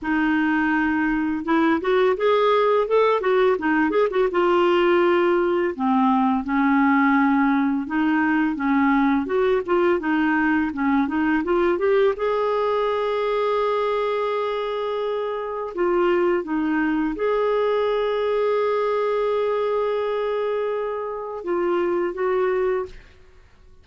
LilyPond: \new Staff \with { instrumentName = "clarinet" } { \time 4/4 \tempo 4 = 84 dis'2 e'8 fis'8 gis'4 | a'8 fis'8 dis'8 gis'16 fis'16 f'2 | c'4 cis'2 dis'4 | cis'4 fis'8 f'8 dis'4 cis'8 dis'8 |
f'8 g'8 gis'2.~ | gis'2 f'4 dis'4 | gis'1~ | gis'2 f'4 fis'4 | }